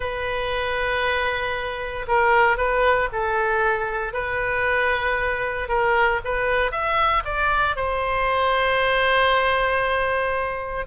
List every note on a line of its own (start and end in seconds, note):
0.00 2.06 B4
2.07 2.57 A#4
2.57 3.08 B4
3.12 4.13 A4
4.13 5.68 B4
5.68 6.20 A#4
6.24 6.71 B4
6.71 7.23 E5
7.24 7.76 D5
7.76 10.86 C5